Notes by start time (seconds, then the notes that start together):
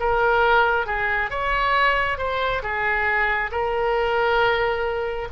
0.00 A#4
0.87 G#4
1.30 C#5
2.18 C5
2.63 G#4
3.52 A#4